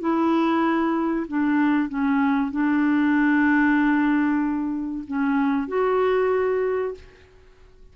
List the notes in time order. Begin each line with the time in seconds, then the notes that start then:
0.00 E4
1.28 D4
1.89 C#4
2.51 D4
5.08 C#4
5.68 F#4